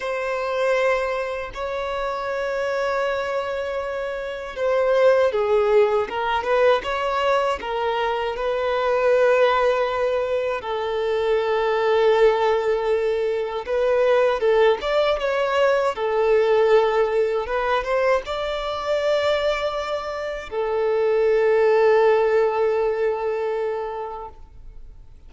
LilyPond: \new Staff \with { instrumentName = "violin" } { \time 4/4 \tempo 4 = 79 c''2 cis''2~ | cis''2 c''4 gis'4 | ais'8 b'8 cis''4 ais'4 b'4~ | b'2 a'2~ |
a'2 b'4 a'8 d''8 | cis''4 a'2 b'8 c''8 | d''2. a'4~ | a'1 | }